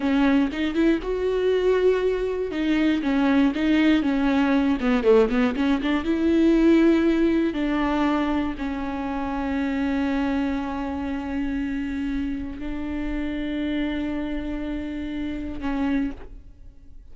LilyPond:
\new Staff \with { instrumentName = "viola" } { \time 4/4 \tempo 4 = 119 cis'4 dis'8 e'8 fis'2~ | fis'4 dis'4 cis'4 dis'4 | cis'4. b8 a8 b8 cis'8 d'8 | e'2. d'4~ |
d'4 cis'2.~ | cis'1~ | cis'4 d'2.~ | d'2. cis'4 | }